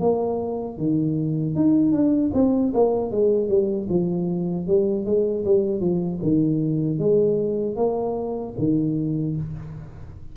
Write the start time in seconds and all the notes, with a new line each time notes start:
0.00 A#3
0.78 D#3
1.56 D#4
1.92 D4
2.34 C4
2.74 A#3
3.11 G#3
3.49 G3
3.90 F3
4.68 G3
5.06 G#3
5.45 G3
5.81 F3
6.23 D#3
6.99 G#3
7.76 A#3
8.59 D#3